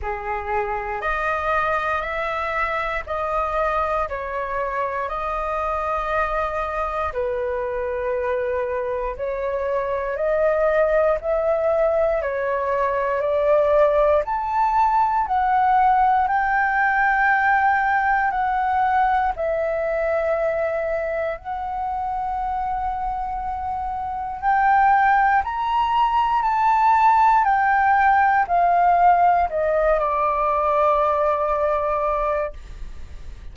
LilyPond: \new Staff \with { instrumentName = "flute" } { \time 4/4 \tempo 4 = 59 gis'4 dis''4 e''4 dis''4 | cis''4 dis''2 b'4~ | b'4 cis''4 dis''4 e''4 | cis''4 d''4 a''4 fis''4 |
g''2 fis''4 e''4~ | e''4 fis''2. | g''4 ais''4 a''4 g''4 | f''4 dis''8 d''2~ d''8 | }